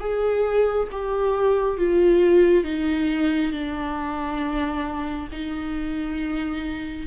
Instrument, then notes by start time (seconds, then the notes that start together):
viola
0.00 G#4
0.92 G4
1.78 F4
2.64 D#4
3.52 D4
5.32 D#4